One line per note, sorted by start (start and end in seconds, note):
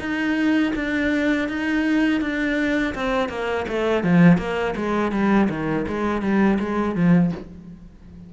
0.00 0.73 D#4
0.76 1.49 D4
1.49 2.22 D#4
2.22 2.95 D4
2.95 3.30 C4
3.30 3.66 A#3
3.69 4.04 A3
4.04 4.38 F3
4.38 4.75 A#3
4.77 5.12 G#3
5.12 5.49 G3
5.50 5.86 D#3
5.88 6.22 G#3
6.22 6.59 G3
6.60 6.96 G#3
6.96 7.32 F3